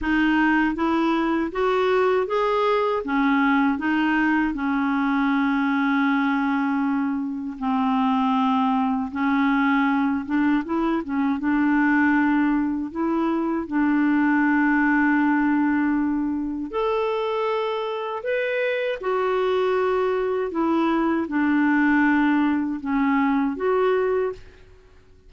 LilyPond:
\new Staff \with { instrumentName = "clarinet" } { \time 4/4 \tempo 4 = 79 dis'4 e'4 fis'4 gis'4 | cis'4 dis'4 cis'2~ | cis'2 c'2 | cis'4. d'8 e'8 cis'8 d'4~ |
d'4 e'4 d'2~ | d'2 a'2 | b'4 fis'2 e'4 | d'2 cis'4 fis'4 | }